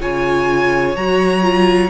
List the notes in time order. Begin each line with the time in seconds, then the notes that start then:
0.00 C#3 F4 C#5 G#5
0.95 F#3 F#4 A#5
1.42 F4